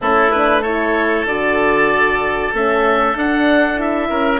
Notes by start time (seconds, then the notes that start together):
0.01 A3 C#4 E4 A4
0.31 D4 B4
0.61 E4 A4 C#5
1.25 D3 F#4 D5
2.53 A3 C#4 E5
3.14 D4 F#5
3.75 E4 E5
4.09 C#4 A#4